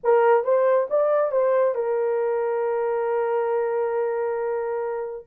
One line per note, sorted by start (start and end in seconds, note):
0.03 0.43 A#4
0.43 0.87 C5
0.90 1.31 D5
1.31 1.74 C5
1.74 5.25 A#4